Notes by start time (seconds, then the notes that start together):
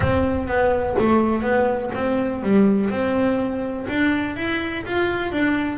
0.00 C4
0.47 B3
0.98 A3
1.42 B3
1.94 C4
2.42 G3
2.90 C4
3.88 D4
4.36 E4
4.85 F4
5.32 D4